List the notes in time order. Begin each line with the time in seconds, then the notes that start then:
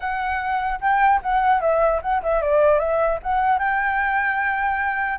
0.00 F#5
0.81 G5
1.22 F#5
1.61 E5
2.02 F#5
2.23 E5
2.41 D5
2.79 E5
3.23 F#5
3.59 G5